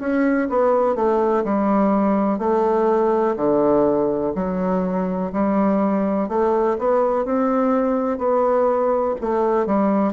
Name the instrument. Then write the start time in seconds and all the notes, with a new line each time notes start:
bassoon
0.00 C#4
0.49 B3
0.95 A3
1.44 G3
2.39 A3
3.37 D3
4.35 F#3
5.33 G3
6.29 A3
6.79 B3
7.25 C4
8.18 B3
9.21 A3
9.66 G3